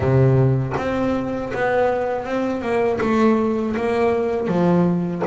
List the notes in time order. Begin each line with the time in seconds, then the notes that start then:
0.00 C3
0.77 C4
1.53 B3
2.25 C4
2.61 A#3
3.00 A3
3.76 A#3
4.47 F3